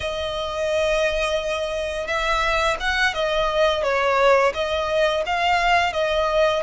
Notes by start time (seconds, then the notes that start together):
0.00 D#5
2.07 E5
2.80 F#5
3.14 D#5
3.83 C#5
4.53 D#5
5.25 F5
5.93 D#5